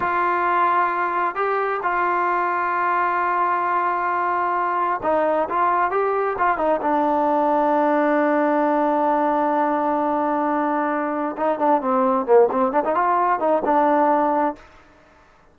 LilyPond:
\new Staff \with { instrumentName = "trombone" } { \time 4/4 \tempo 4 = 132 f'2. g'4 | f'1~ | f'2. dis'4 | f'4 g'4 f'8 dis'8 d'4~ |
d'1~ | d'1~ | d'4 dis'8 d'8 c'4 ais8 c'8 | d'16 dis'16 f'4 dis'8 d'2 | }